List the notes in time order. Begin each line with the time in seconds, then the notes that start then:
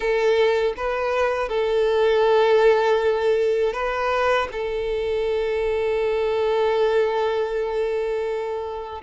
0.00 A4
0.76 B4
1.49 A4
3.73 B4
4.52 A4